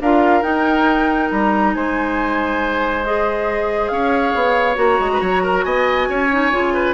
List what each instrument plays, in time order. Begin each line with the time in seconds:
0.00 bassoon D4, clarinet F4, oboe A#4, flute F5
0.42 bassoon D#4, clarinet D#4, flute G5
1.30 bassoon G3, flute A#5
1.74 bassoon G#3, oboe C5, flute G#5
3.04 clarinet G#4, flute D#5
3.88 bassoon C#4, oboe C#5, flute F5
4.34 bassoon B3
4.75 bassoon A#3, clarinet F#4, flute A#5
4.99 bassoon G#3
5.13 oboe B4
5.20 bassoon F#3, oboe C#5
5.42 oboe A#4
5.63 bassoon B3, oboe D#5, flute G#5
6.08 bassoon C#4, oboe C#5
6.32 clarinet D#4
6.52 bassoon C#3, clarinet F4
6.74 oboe B4